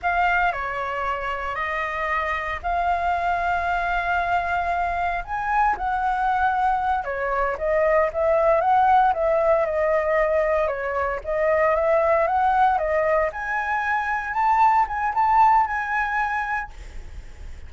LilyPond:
\new Staff \with { instrumentName = "flute" } { \time 4/4 \tempo 4 = 115 f''4 cis''2 dis''4~ | dis''4 f''2.~ | f''2 gis''4 fis''4~ | fis''4. cis''4 dis''4 e''8~ |
e''8 fis''4 e''4 dis''4.~ | dis''8 cis''4 dis''4 e''4 fis''8~ | fis''8 dis''4 gis''2 a''8~ | a''8 gis''8 a''4 gis''2 | }